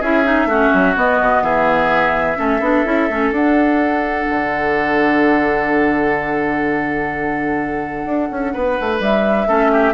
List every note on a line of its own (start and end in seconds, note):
0.00 0.45 C#4
0.00 0.25 E4
0.00 0.47 G#4
0.00 0.97 E5
0.25 0.48 D#4
0.45 0.69 A3
0.45 0.96 C#4
0.45 1.43 F#4
0.74 0.96 F#3
0.96 2.36 B3
0.96 1.20 B3
0.96 1.43 D#5
1.21 1.42 B2
1.42 2.37 E3
1.42 2.38 G#4
1.42 3.30 E5
2.36 2.60 A3
2.36 2.60 C#4
2.36 8.52 A4
2.60 2.84 B3
2.60 2.85 D4
2.85 3.08 C#4
2.85 3.09 E4
3.10 3.31 A3
3.10 3.33 C#4
3.30 4.26 D4
3.30 9.47 D4
3.30 8.97 F#5
4.30 8.05 D3
8.05 8.29 D4
8.31 8.54 C#4
8.53 8.78 B3
8.53 9.48 B4
8.80 9.00 A3
9.00 9.47 G3
9.00 9.94 E5
9.47 9.94 A3
9.47 9.94 C#4
9.47 9.71 A4
9.72 9.94 G4